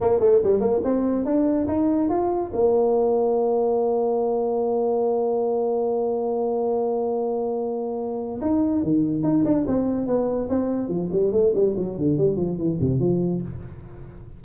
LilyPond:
\new Staff \with { instrumentName = "tuba" } { \time 4/4 \tempo 4 = 143 ais8 a8 g8 ais8 c'4 d'4 | dis'4 f'4 ais2~ | ais1~ | ais1~ |
ais1 | dis'4 dis4 dis'8 d'8 c'4 | b4 c'4 f8 g8 a8 g8 | fis8 d8 g8 f8 e8 c8 f4 | }